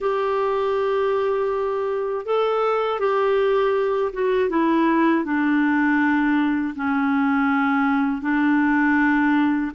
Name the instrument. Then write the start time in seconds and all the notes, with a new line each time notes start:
clarinet
0.00 G4
2.25 A4
2.99 G4
4.12 F#4
4.49 E4
5.24 D4
6.75 C#4
8.21 D4